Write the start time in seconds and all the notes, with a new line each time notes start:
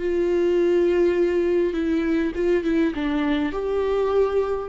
0.00 F4
1.74 E4
2.35 F4
2.64 E4
2.95 D4
3.53 G4